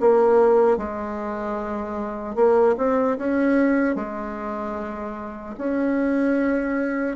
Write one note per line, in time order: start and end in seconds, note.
0.00 0.77 A#3
0.77 2.35 G#3
2.35 2.75 A#3
2.77 3.17 C4
3.17 3.95 C#4
3.95 5.55 G#3
5.57 7.16 C#4